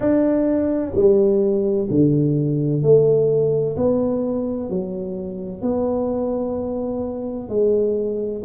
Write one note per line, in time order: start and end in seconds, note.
0.00 0.92 D4
0.94 1.87 G3
1.90 2.82 D3
2.82 3.76 A3
3.76 4.69 B3
4.69 5.61 F#3
5.61 7.48 B3
7.48 8.42 G#3